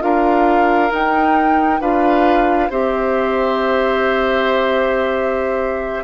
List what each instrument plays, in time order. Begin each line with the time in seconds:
0.00 bassoon D4, clarinet F4, oboe A#4, flute F5
0.90 clarinet D#4, bassoon D#4, flute G5
1.80 bassoon D4, clarinet F4, oboe B4, flute F5
2.70 bassoon C4, clarinet G4, oboe C5, flute E5